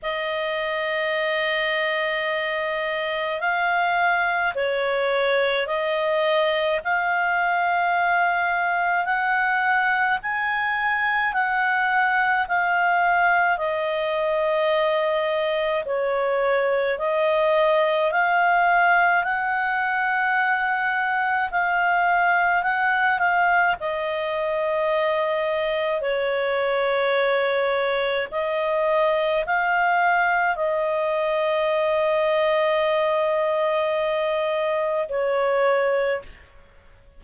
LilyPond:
\new Staff \with { instrumentName = "clarinet" } { \time 4/4 \tempo 4 = 53 dis''2. f''4 | cis''4 dis''4 f''2 | fis''4 gis''4 fis''4 f''4 | dis''2 cis''4 dis''4 |
f''4 fis''2 f''4 | fis''8 f''8 dis''2 cis''4~ | cis''4 dis''4 f''4 dis''4~ | dis''2. cis''4 | }